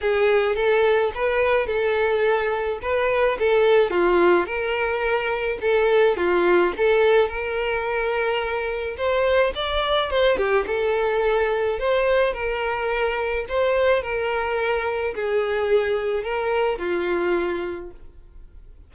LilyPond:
\new Staff \with { instrumentName = "violin" } { \time 4/4 \tempo 4 = 107 gis'4 a'4 b'4 a'4~ | a'4 b'4 a'4 f'4 | ais'2 a'4 f'4 | a'4 ais'2. |
c''4 d''4 c''8 g'8 a'4~ | a'4 c''4 ais'2 | c''4 ais'2 gis'4~ | gis'4 ais'4 f'2 | }